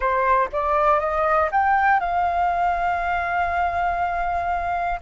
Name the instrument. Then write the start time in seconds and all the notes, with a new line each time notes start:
flute
0.00 C5
0.52 D5
0.99 D#5
1.51 G5
2.00 F5